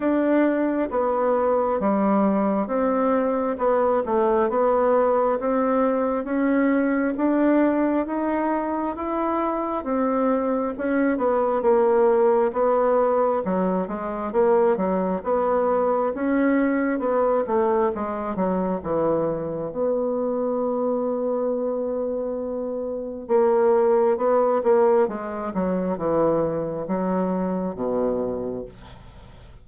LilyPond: \new Staff \with { instrumentName = "bassoon" } { \time 4/4 \tempo 4 = 67 d'4 b4 g4 c'4 | b8 a8 b4 c'4 cis'4 | d'4 dis'4 e'4 c'4 | cis'8 b8 ais4 b4 fis8 gis8 |
ais8 fis8 b4 cis'4 b8 a8 | gis8 fis8 e4 b2~ | b2 ais4 b8 ais8 | gis8 fis8 e4 fis4 b,4 | }